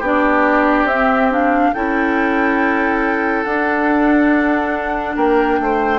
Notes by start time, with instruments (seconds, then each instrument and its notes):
0.00 bassoon B3, clarinet D4, oboe G4, flute D5
0.85 bassoon C4, clarinet C4, flute E5
1.31 clarinet D4, flute F5
1.74 bassoon C#4, clarinet E4, oboe A4, flute G5
3.44 bassoon D4, clarinet D4, flute F#5
5.16 bassoon A#3, oboe A#4, flute G5
5.60 bassoon A3, oboe C5